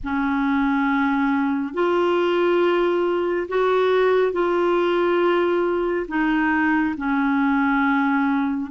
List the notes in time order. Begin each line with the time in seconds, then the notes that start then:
0.03 C#4
1.74 F4
3.48 F#4
4.32 F4
6.08 D#4
6.97 C#4